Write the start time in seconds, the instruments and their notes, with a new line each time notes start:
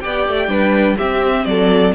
0.00 cello B3, viola G4, violin D5 G5
0.28 cello A3
0.47 cello G3, viola D4, violin B4
0.97 cello C4, viola C4, violin G4 E5
1.45 cello F#3, violin A4 D5